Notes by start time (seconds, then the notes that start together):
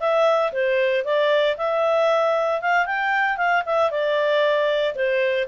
0.00 E5
0.52 C5
1.04 D5
1.57 E5
2.61 F5
2.86 G5
3.37 F5
3.66 E5
3.91 D5
4.95 C5